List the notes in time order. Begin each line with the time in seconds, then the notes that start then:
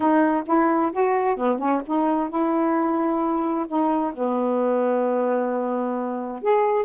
0.00 D#4
0.46 E4
0.92 F#4
1.36 B3
1.58 C#4
1.85 D#4
2.29 E4
3.67 D#4
4.14 B3
6.41 G#4